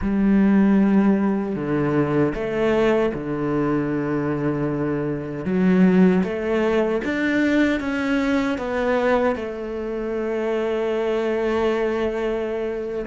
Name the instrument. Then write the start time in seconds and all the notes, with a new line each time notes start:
cello
0.01 G3
1.55 D3
2.34 A3
3.14 D3
5.45 F#3
6.23 A3
7.04 D4
7.80 C#4
8.57 B3
9.35 A3